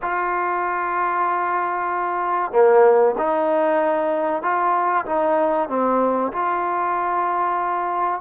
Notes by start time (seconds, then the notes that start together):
0.02 F4
2.51 A#3
3.18 D#4
4.42 F4
5.05 D#4
5.68 C4
6.32 F4